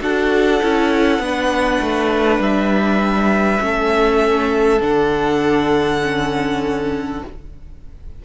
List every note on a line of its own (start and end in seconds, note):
0.00 0.62 D4
0.00 0.60 F#4
0.00 1.23 A4
0.00 2.42 F#5
0.63 1.19 C#4
0.63 1.23 E4
1.19 1.79 B3
1.19 3.60 D4
1.26 3.65 B4
1.81 2.40 A3
2.40 3.60 G3
2.40 4.82 E5
3.60 4.81 A3
3.60 4.80 C#4
3.60 7.25 A4
4.80 7.22 D3
4.80 6.00 D4
4.80 7.23 F#5
6.03 7.23 C#4